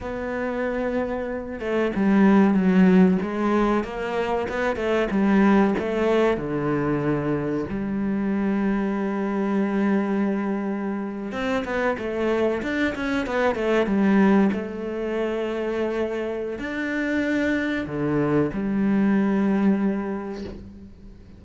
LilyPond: \new Staff \with { instrumentName = "cello" } { \time 4/4 \tempo 4 = 94 b2~ b8 a8 g4 | fis4 gis4 ais4 b8 a8 | g4 a4 d2 | g1~ |
g4.~ g16 c'8 b8 a4 d'16~ | d'16 cis'8 b8 a8 g4 a4~ a16~ | a2 d'2 | d4 g2. | }